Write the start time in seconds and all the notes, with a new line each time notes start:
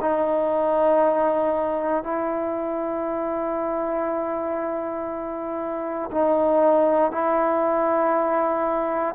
0.00 D#4
2.03 E4
6.11 D#4
7.11 E4